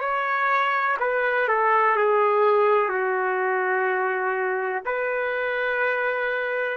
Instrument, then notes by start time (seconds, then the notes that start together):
trumpet
0.00 C#5
0.99 B4
1.48 A4
1.96 G#4
2.89 F#4
4.86 B4